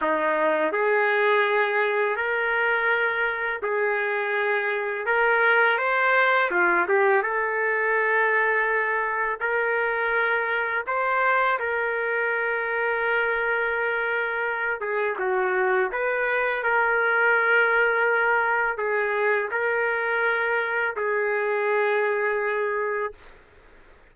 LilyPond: \new Staff \with { instrumentName = "trumpet" } { \time 4/4 \tempo 4 = 83 dis'4 gis'2 ais'4~ | ais'4 gis'2 ais'4 | c''4 f'8 g'8 a'2~ | a'4 ais'2 c''4 |
ais'1~ | ais'8 gis'8 fis'4 b'4 ais'4~ | ais'2 gis'4 ais'4~ | ais'4 gis'2. | }